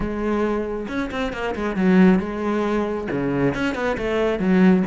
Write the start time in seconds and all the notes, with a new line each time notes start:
0.00 G#3
0.88 C#4
1.11 C4
1.32 A#3
1.55 G#3
1.75 F#3
2.19 G#3
3.11 C#3
3.54 C#4
3.75 B3
3.97 A3
4.39 F#3